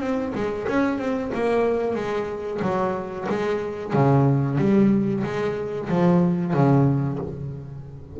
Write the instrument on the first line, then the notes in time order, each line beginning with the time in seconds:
double bass
0.00 C4
0.35 G#3
0.68 C#4
0.98 C4
1.34 A#3
1.95 G#3
2.62 F#3
3.29 G#3
3.93 C#3
4.58 G3
5.24 G#3
5.89 F3
6.53 C#3